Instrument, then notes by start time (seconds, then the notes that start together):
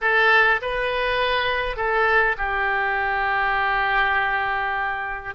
oboe
0.01 A4
0.61 B4
1.76 A4
2.37 G4